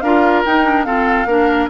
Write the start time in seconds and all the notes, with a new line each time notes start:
0.00 D4 F4 A#4 F5
0.45 D#4 G5
0.65 D4
0.84 C4 F4 A4 F5
1.26 A#3 D4 A#4